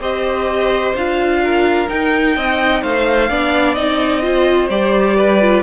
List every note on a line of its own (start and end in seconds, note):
0.00 0.94 C4
0.00 0.95 G4
0.00 1.41 C5
0.00 0.96 D#5
0.95 1.89 D4
0.95 1.88 F4
0.95 1.89 F5
1.44 2.36 A#4
1.88 3.28 D#4
1.88 2.36 D#4
1.88 2.83 G5
2.36 2.83 C4
2.36 2.82 D#5
2.82 3.30 A3
2.82 3.29 C5
2.82 3.75 F5
3.29 3.77 B3
3.29 3.77 D4
3.29 4.23 D5
3.75 4.69 C4
3.75 4.22 D#4
3.75 4.68 D#5
4.22 4.69 F4
4.22 5.17 C5
4.69 5.63 G3
4.69 5.41 G4
4.69 5.63 D5
5.17 5.63 B4
5.41 5.63 F4